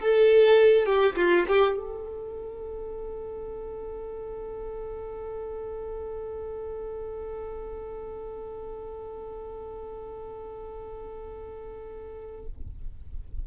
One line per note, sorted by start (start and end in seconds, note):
0.00 0.86 A4
0.86 1.16 G4
1.16 1.46 F4
1.48 1.77 G4
1.77 12.46 A4